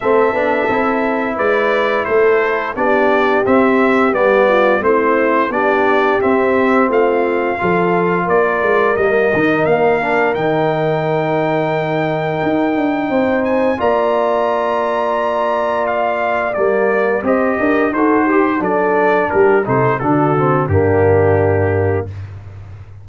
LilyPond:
<<
  \new Staff \with { instrumentName = "trumpet" } { \time 4/4 \tempo 4 = 87 e''2 d''4 c''4 | d''4 e''4 d''4 c''4 | d''4 e''4 f''2 | d''4 dis''4 f''4 g''4~ |
g''2.~ g''8 gis''8 | ais''2. f''4 | d''4 dis''4 c''4 d''4 | ais'8 c''8 a'4 g'2 | }
  \new Staff \with { instrumentName = "horn" } { \time 4/4 a'2 b'4 a'4 | g'2~ g'8 f'8 e'4 | g'2 f'4 a'4 | ais'1~ |
ais'2. c''4 | d''1~ | d''4 c''8 ais'8 a'8 g'8 a'4 | g'8 a'8 fis'4 d'2 | }
  \new Staff \with { instrumentName = "trombone" } { \time 4/4 c'8 d'8 e'2. | d'4 c'4 b4 c'4 | d'4 c'2 f'4~ | f'4 ais8 dis'4 d'8 dis'4~ |
dis'1 | f'1 | ais4 g'4 fis'8 g'8 d'4~ | d'8 dis'8 d'8 c'8 ais2 | }
  \new Staff \with { instrumentName = "tuba" } { \time 4/4 a8 b8 c'4 gis4 a4 | b4 c'4 g4 a4 | b4 c'4 a4 f4 | ais8 gis8 g8 dis8 ais4 dis4~ |
dis2 dis'8 d'8 c'4 | ais1 | g4 c'8 d'8 dis'4 fis4 | g8 c8 d4 g,2 | }
>>